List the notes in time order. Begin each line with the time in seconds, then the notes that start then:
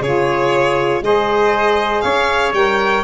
0.00 C#3 F4 G#4 C#5
1.02 G#3 G#4 C5 D#5
2.01 C#4 C#5 F5
2.53 G3 A#4 G5